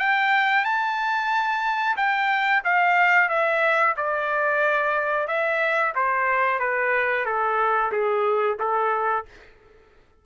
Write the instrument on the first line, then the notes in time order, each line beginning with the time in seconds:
trumpet
0.00 G5
0.65 A5
1.97 G5
2.65 F5
3.29 E5
3.97 D5
5.28 E5
5.96 C5
6.60 B4
7.26 A4
7.92 G#4
8.60 A4